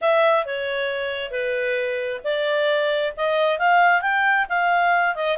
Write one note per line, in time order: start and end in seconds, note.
0.01 0.45 E5
0.45 1.31 C#5
1.31 2.20 B4
2.23 3.13 D5
3.16 3.58 D#5
3.58 4.01 F5
4.01 4.46 G5
4.49 5.15 F5
5.15 5.37 D#5